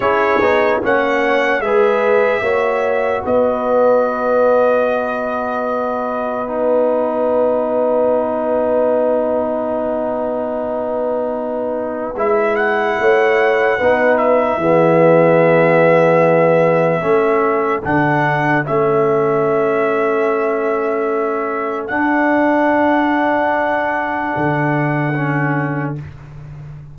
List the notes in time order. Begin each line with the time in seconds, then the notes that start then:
0.00 C#4 E4 G#4 C#5
0.40 B3 D#4
0.82 A#3 C#4 C#5 F#5
1.59 G#3 G#4 B4 E5
2.41 A#3 F#4 C#5
3.23 B3 B4 D#5
6.47 D#4 F#5
12.15 G#3 E4 E5
12.56 F#5
12.98 A3 C#5
13.78 B3 D#4 B4
14.17 E5
14.57 E3 B3 G#4
17.00 A3 C#4 A4
17.83 D3 D4 F#5
18.65 A3 C#4 E5
21.87 D4 F#5
24.36 D3
25.14 C#4